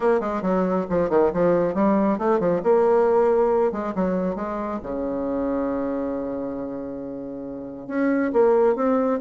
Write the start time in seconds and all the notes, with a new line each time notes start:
0.00 A#3
0.20 G#3
0.42 F#3
0.89 F3
1.09 D#3
1.33 F3
1.74 G3
2.18 A3
2.39 F3
2.63 A#3
3.71 G#3
3.95 F#3
4.35 G#3
4.82 C#3
7.87 C#4
8.32 A#3
8.75 C4